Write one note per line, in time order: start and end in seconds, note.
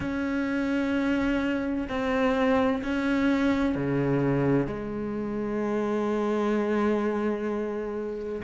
0.00 1.87 C#4
1.88 2.82 C4
2.83 3.75 C#4
3.75 4.66 C#3
4.66 8.42 G#3